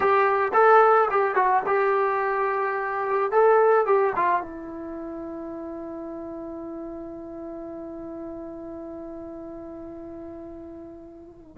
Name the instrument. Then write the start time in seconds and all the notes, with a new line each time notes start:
trombone
0.00 G4
0.53 A4
1.10 G4
1.35 F#4
1.66 G4
3.31 A4
3.85 G4
4.16 F4
4.41 E4